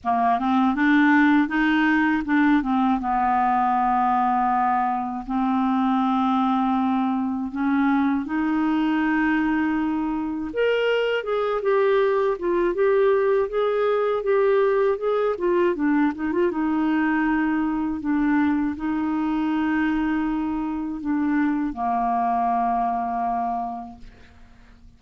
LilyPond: \new Staff \with { instrumentName = "clarinet" } { \time 4/4 \tempo 4 = 80 ais8 c'8 d'4 dis'4 d'8 c'8 | b2. c'4~ | c'2 cis'4 dis'4~ | dis'2 ais'4 gis'8 g'8~ |
g'8 f'8 g'4 gis'4 g'4 | gis'8 f'8 d'8 dis'16 f'16 dis'2 | d'4 dis'2. | d'4 ais2. | }